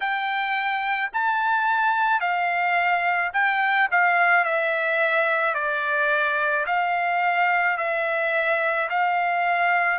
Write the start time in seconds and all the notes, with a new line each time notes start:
0.00 G5
1.13 A5
2.20 F5
3.33 G5
3.91 F5
4.44 E5
5.54 D5
6.66 F5
7.77 E5
8.89 F5